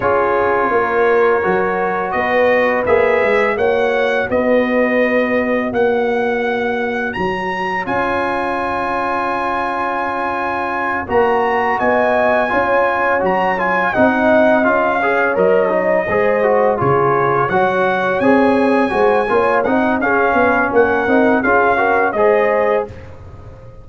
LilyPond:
<<
  \new Staff \with { instrumentName = "trumpet" } { \time 4/4 \tempo 4 = 84 cis''2. dis''4 | e''4 fis''4 dis''2 | fis''2 ais''4 gis''4~ | gis''2.~ gis''8 ais''8~ |
ais''8 gis''2 ais''8 gis''8 fis''8~ | fis''8 f''4 dis''2 cis''8~ | cis''8 fis''4 gis''2 fis''8 | f''4 fis''4 f''4 dis''4 | }
  \new Staff \with { instrumentName = "horn" } { \time 4/4 gis'4 ais'2 b'4~ | b'4 cis''4 b'2 | cis''1~ | cis''1~ |
cis''8 dis''4 cis''2 dis''8~ | dis''4 cis''4. c''4 gis'8~ | gis'8 cis''2 c''8 cis''8 dis''8 | gis'8 b'8 ais'4 gis'8 ais'8 c''4 | }
  \new Staff \with { instrumentName = "trombone" } { \time 4/4 f'2 fis'2 | gis'4 fis'2.~ | fis'2. f'4~ | f'2.~ f'8 fis'8~ |
fis'4. f'4 fis'8 f'8 dis'8~ | dis'8 f'8 gis'8 ais'8 dis'8 gis'8 fis'8 f'8~ | f'8 fis'4 gis'4 fis'8 f'8 dis'8 | cis'4. dis'8 f'8 fis'8 gis'4 | }
  \new Staff \with { instrumentName = "tuba" } { \time 4/4 cis'4 ais4 fis4 b4 | ais8 gis8 ais4 b2 | ais2 fis4 cis'4~ | cis'2.~ cis'8 ais8~ |
ais8 b4 cis'4 fis4 c'8~ | c'8 cis'4 fis4 gis4 cis8~ | cis8 fis4 c'4 gis8 ais8 c'8 | cis'8 b8 ais8 c'8 cis'4 gis4 | }
>>